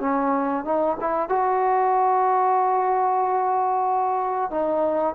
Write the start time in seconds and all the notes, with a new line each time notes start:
0.00 C#4
0.65 D#4
1.00 E4
1.29 F#4
4.51 D#4